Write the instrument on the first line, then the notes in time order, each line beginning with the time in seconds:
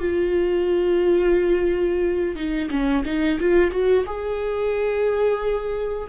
viola
0.00 F4
2.36 D#4
2.70 C#4
3.05 D#4
3.40 F4
3.71 F#4
4.06 G#4